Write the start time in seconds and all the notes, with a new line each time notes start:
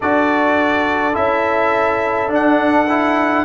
0.00 D4 F#4 A4 D5
1.13 C#4 E4 E5
2.28 D4 F#5
2.89 E4